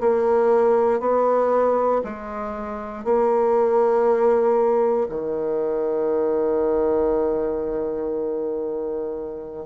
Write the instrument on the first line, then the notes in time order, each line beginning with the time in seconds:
bassoon
0.00 A#3
1.00 B3
2.04 G#3
3.04 A#3
5.09 D#3